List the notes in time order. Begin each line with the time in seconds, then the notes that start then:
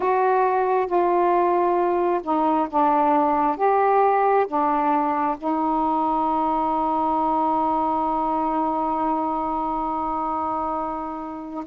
0.00 F#4
0.87 F4
2.23 D#4
2.69 D4
3.56 G4
4.47 D4
5.37 D#4